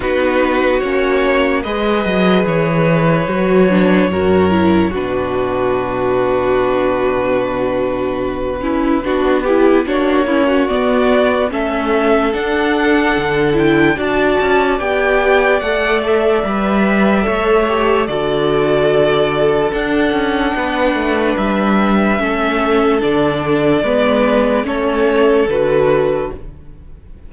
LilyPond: <<
  \new Staff \with { instrumentName = "violin" } { \time 4/4 \tempo 4 = 73 b'4 cis''4 dis''4 cis''4~ | cis''2 b'2~ | b'1 | cis''4 d''4 e''4 fis''4~ |
fis''8 g''8 a''4 g''4 fis''8 e''8~ | e''2 d''2 | fis''2 e''2 | d''2 cis''4 b'4 | }
  \new Staff \with { instrumentName = "violin" } { \time 4/4 fis'2 b'2~ | b'4 ais'4 fis'2~ | fis'2~ fis'8 e'8 fis'8 g'8 | fis'8 e'16 fis'4~ fis'16 a'2~ |
a'4 d''2.~ | d''4 cis''4 a'2~ | a'4 b'2 a'4~ | a'4 b'4 a'2 | }
  \new Staff \with { instrumentName = "viola" } { \time 4/4 dis'4 cis'4 gis'2 | fis'8 d'8 fis'8 e'8 d'2~ | d'2~ d'8 cis'8 d'8 e'8 | d'8 cis'8 b4 cis'4 d'4~ |
d'8 e'8 fis'4 g'4 a'4 | b'4 a'8 g'8 fis'2 | d'2. cis'4 | d'4 b4 cis'4 fis'4 | }
  \new Staff \with { instrumentName = "cello" } { \time 4/4 b4 ais4 gis8 fis8 e4 | fis4 fis,4 b,2~ | b,2. b4 | ais4 b4 a4 d'4 |
d4 d'8 cis'8 b4 a4 | g4 a4 d2 | d'8 cis'8 b8 a8 g4 a4 | d4 gis4 a4 d4 | }
>>